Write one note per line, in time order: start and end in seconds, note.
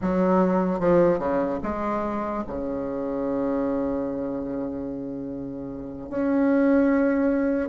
0.01 0.79 F#3
0.79 1.18 F3
1.18 1.59 C#3
1.63 2.44 G#3
2.47 6.09 C#3
6.09 7.69 C#4